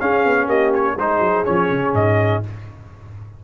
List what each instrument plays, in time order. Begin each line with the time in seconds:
0.00 trombone C#4, tuba C#4, horn G#4, trumpet F5
0.25 tuba B3
0.47 tuba A#3, horn G4, trumpet D#5
0.74 trumpet C#5
0.97 tuba G#3, trombone D#4, horn G#4, trumpet C5
1.19 tuba F#3
1.45 tuba F3, trombone C#4, trumpet C#5
1.70 tuba C#3
1.94 tuba G#2, trumpet D#5